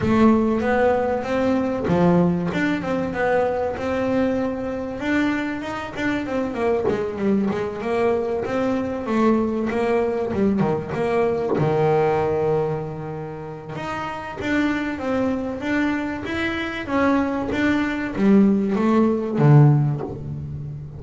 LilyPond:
\new Staff \with { instrumentName = "double bass" } { \time 4/4 \tempo 4 = 96 a4 b4 c'4 f4 | d'8 c'8 b4 c'2 | d'4 dis'8 d'8 c'8 ais8 gis8 g8 | gis8 ais4 c'4 a4 ais8~ |
ais8 g8 dis8 ais4 dis4.~ | dis2 dis'4 d'4 | c'4 d'4 e'4 cis'4 | d'4 g4 a4 d4 | }